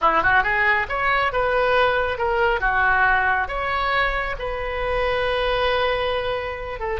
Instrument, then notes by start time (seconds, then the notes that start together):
oboe
0.01 E4
0.22 F#4
0.43 G#4
0.89 C#5
1.32 B4
2.18 A#4
2.60 F#4
3.47 C#5
4.38 B4
6.79 A4